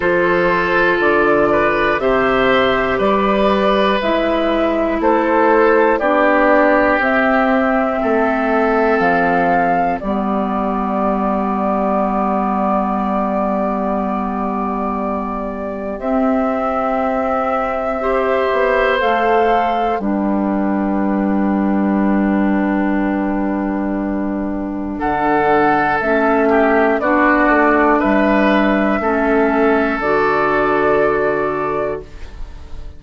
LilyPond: <<
  \new Staff \with { instrumentName = "flute" } { \time 4/4 \tempo 4 = 60 c''4 d''4 e''4 d''4 | e''4 c''4 d''4 e''4~ | e''4 f''4 d''2~ | d''1 |
e''2. f''4 | g''1~ | g''4 fis''4 e''4 d''4 | e''2 d''2 | }
  \new Staff \with { instrumentName = "oboe" } { \time 4/4 a'4. b'8 c''4 b'4~ | b'4 a'4 g'2 | a'2 g'2~ | g'1~ |
g'2 c''2 | b'1~ | b'4 a'4. g'8 fis'4 | b'4 a'2. | }
  \new Staff \with { instrumentName = "clarinet" } { \time 4/4 f'2 g'2 | e'2 d'4 c'4~ | c'2 b2~ | b1 |
c'2 g'4 a'4 | d'1~ | d'2 cis'4 d'4~ | d'4 cis'4 fis'2 | }
  \new Staff \with { instrumentName = "bassoon" } { \time 4/4 f4 d4 c4 g4 | gis4 a4 b4 c'4 | a4 f4 g2~ | g1 |
c'2~ c'8 b8 a4 | g1~ | g4 d4 a4 b8 a8 | g4 a4 d2 | }
>>